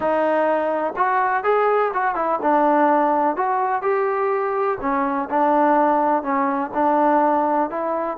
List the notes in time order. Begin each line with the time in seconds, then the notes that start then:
0.00 D#4
0.96 F#4
1.43 G#4
1.93 F#4
2.15 E4
2.41 D4
3.36 F#4
3.82 G4
4.80 C#4
5.30 D4
6.22 C#4
6.74 D4
7.70 E4